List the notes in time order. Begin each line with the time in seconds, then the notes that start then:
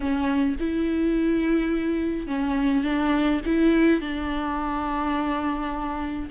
0.00 C#4
0.59 E4
2.27 C#4
2.83 D4
3.45 E4
4.00 D4